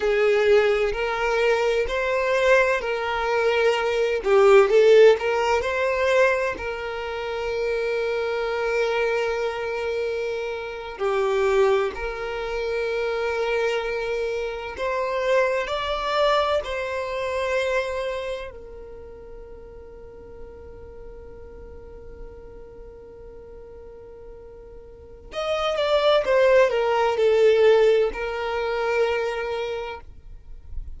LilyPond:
\new Staff \with { instrumentName = "violin" } { \time 4/4 \tempo 4 = 64 gis'4 ais'4 c''4 ais'4~ | ais'8 g'8 a'8 ais'8 c''4 ais'4~ | ais'2.~ ais'8. g'16~ | g'8. ais'2. c''16~ |
c''8. d''4 c''2 ais'16~ | ais'1~ | ais'2. dis''8 d''8 | c''8 ais'8 a'4 ais'2 | }